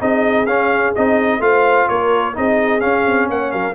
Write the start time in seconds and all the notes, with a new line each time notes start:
0.00 C4 D#4 G#4 D#5
0.46 C#4 F5
0.96 C4 D#4 D#5
1.40 A3 F4 C5 F5
1.89 A#3 A#4 C#5
2.34 C4 D#4 G#4 D#5
2.81 C#4 F5
3.06 C4
3.30 A#3 C#5 F#5
3.52 F#3 A#4 F5